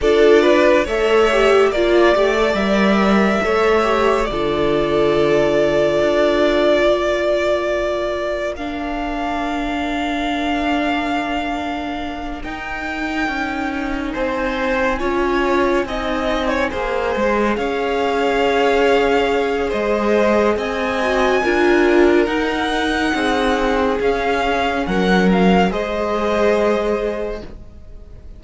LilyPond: <<
  \new Staff \with { instrumentName = "violin" } { \time 4/4 \tempo 4 = 70 d''4 e''4 d''4 e''4~ | e''4 d''2.~ | d''2 f''2~ | f''2~ f''8 g''4.~ |
g''8 gis''2.~ gis''8~ | gis''8 f''2~ f''8 dis''4 | gis''2 fis''2 | f''4 fis''8 f''8 dis''2 | }
  \new Staff \with { instrumentName = "violin" } { \time 4/4 a'8 b'8 cis''4 d''2 | cis''4 a'2. | ais'1~ | ais'1~ |
ais'8 c''4 cis''4 dis''8. cis''16 c''8~ | c''8 cis''2~ cis''8 c''4 | dis''4 ais'2 gis'4~ | gis'4 ais'4 c''2 | }
  \new Staff \with { instrumentName = "viola" } { \time 4/4 f'4 a'8 g'8 f'8 g'16 a'16 ais'4 | a'8 g'8 f'2.~ | f'2 d'2~ | d'2~ d'8 dis'4.~ |
dis'4. f'4 dis'4 gis'8~ | gis'1~ | gis'8 fis'8 f'4 dis'2 | cis'2 gis'2 | }
  \new Staff \with { instrumentName = "cello" } { \time 4/4 d'4 a4 ais8 a8 g4 | a4 d2 d'4 | ais1~ | ais2~ ais8 dis'4 cis'8~ |
cis'8 c'4 cis'4 c'4 ais8 | gis8 cis'2~ cis'8 gis4 | c'4 d'4 dis'4 c'4 | cis'4 fis4 gis2 | }
>>